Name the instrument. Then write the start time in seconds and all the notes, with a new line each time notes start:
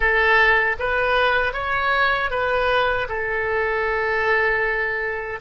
oboe
0.00 A4
0.79 B4
1.53 C#5
2.30 B4
3.08 A4